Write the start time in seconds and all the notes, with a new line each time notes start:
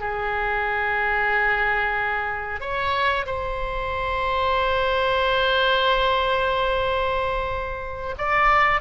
0.00 G#4
2.61 C#5
3.26 C5
8.18 D5